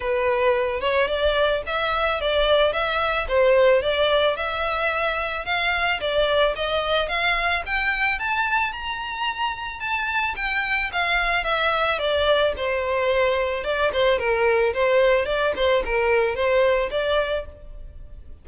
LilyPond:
\new Staff \with { instrumentName = "violin" } { \time 4/4 \tempo 4 = 110 b'4. cis''8 d''4 e''4 | d''4 e''4 c''4 d''4 | e''2 f''4 d''4 | dis''4 f''4 g''4 a''4 |
ais''2 a''4 g''4 | f''4 e''4 d''4 c''4~ | c''4 d''8 c''8 ais'4 c''4 | d''8 c''8 ais'4 c''4 d''4 | }